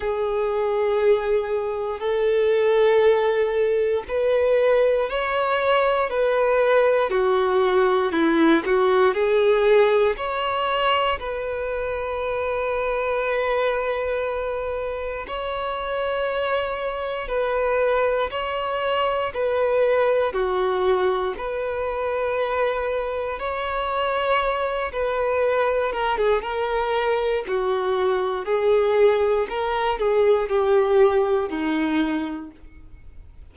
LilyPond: \new Staff \with { instrumentName = "violin" } { \time 4/4 \tempo 4 = 59 gis'2 a'2 | b'4 cis''4 b'4 fis'4 | e'8 fis'8 gis'4 cis''4 b'4~ | b'2. cis''4~ |
cis''4 b'4 cis''4 b'4 | fis'4 b'2 cis''4~ | cis''8 b'4 ais'16 gis'16 ais'4 fis'4 | gis'4 ais'8 gis'8 g'4 dis'4 | }